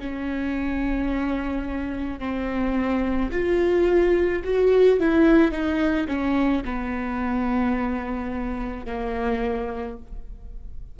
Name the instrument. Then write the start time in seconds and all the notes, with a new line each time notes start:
viola
0.00 C#4
2.20 C4
3.32 F4
4.45 F#4
5.00 E4
5.52 D#4
6.09 C#4
6.65 B3
8.86 A#3